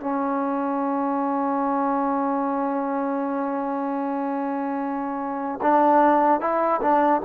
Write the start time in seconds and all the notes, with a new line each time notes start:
0.00 C#4
5.61 D4
6.40 E4
6.81 D4